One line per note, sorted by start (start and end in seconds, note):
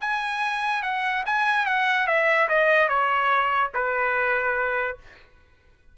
0.00 0.82 G#5
0.82 1.23 F#5
1.26 1.66 G#5
1.66 2.07 F#5
2.07 2.48 E5
2.48 2.88 D#5
2.88 3.70 C#5
3.74 4.97 B4